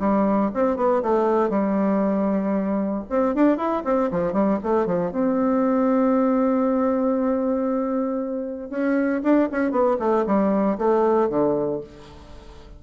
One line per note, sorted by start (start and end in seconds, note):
0.00 0.51 G3
0.54 0.77 C4
0.77 1.03 B3
1.03 1.50 A3
1.50 3.04 G3
3.10 3.35 C4
3.35 3.58 D4
3.58 3.83 E4
3.85 4.10 C4
4.12 4.34 F3
4.34 4.59 G3
4.64 4.87 A3
4.87 5.12 F3
5.12 8.71 C4
8.71 9.22 C#4
9.24 9.49 D4
9.52 9.72 C#4
9.72 9.97 B3
10.00 10.26 A3
10.27 10.78 G3
10.79 11.30 A3
11.30 11.81 D3